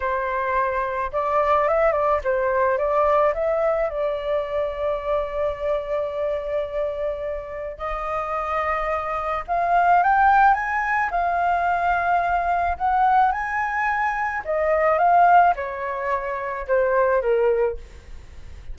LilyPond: \new Staff \with { instrumentName = "flute" } { \time 4/4 \tempo 4 = 108 c''2 d''4 e''8 d''8 | c''4 d''4 e''4 d''4~ | d''1~ | d''2 dis''2~ |
dis''4 f''4 g''4 gis''4 | f''2. fis''4 | gis''2 dis''4 f''4 | cis''2 c''4 ais'4 | }